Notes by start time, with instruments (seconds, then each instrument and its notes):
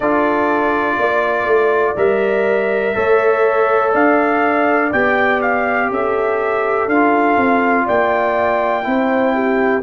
0.00 tuba D4, trombone F4, horn A4, trumpet D5
0.98 tuba A#3, horn D5
1.45 tuba A3
1.96 tuba G3, trombone A#4, trumpet E5
2.94 tuba A3, trombone A4, horn C#5
3.92 tuba D4, horn D5, trumpet F5
4.92 tuba B3, trombone G4, trumpet G5
5.41 trumpet F5
5.90 tuba C#4, horn A4, trumpet E5
6.87 tuba D4, trombone F4, trumpet F5
7.36 tuba C4
7.85 tuba A#3, horn D5, trumpet G5
8.83 tuba C4, trombone E4, horn C5
9.34 horn G4